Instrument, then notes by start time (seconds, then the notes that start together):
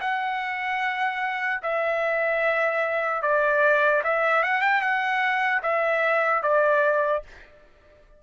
trumpet
0.00 F#5
1.62 E5
3.22 D5
4.03 E5
4.43 F#5
4.61 G5
4.81 F#5
5.63 E5
6.43 D5